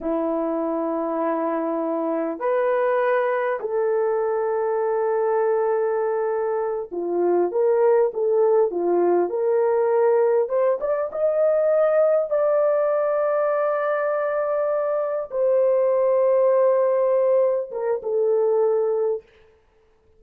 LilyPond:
\new Staff \with { instrumentName = "horn" } { \time 4/4 \tempo 4 = 100 e'1 | b'2 a'2~ | a'2.~ a'8 f'8~ | f'8 ais'4 a'4 f'4 ais'8~ |
ais'4. c''8 d''8 dis''4.~ | dis''8 d''2.~ d''8~ | d''4. c''2~ c''8~ | c''4. ais'8 a'2 | }